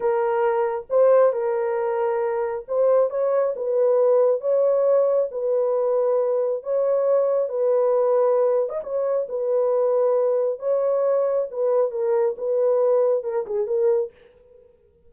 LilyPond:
\new Staff \with { instrumentName = "horn" } { \time 4/4 \tempo 4 = 136 ais'2 c''4 ais'4~ | ais'2 c''4 cis''4 | b'2 cis''2 | b'2. cis''4~ |
cis''4 b'2~ b'8. dis''16 | cis''4 b'2. | cis''2 b'4 ais'4 | b'2 ais'8 gis'8 ais'4 | }